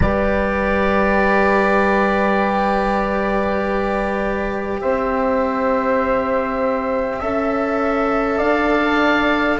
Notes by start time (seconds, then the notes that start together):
0.00 G3 G4 B4 D5
4.80 C4 C5 E5
7.19 C#4 A4 E5
8.38 D4 D5 F5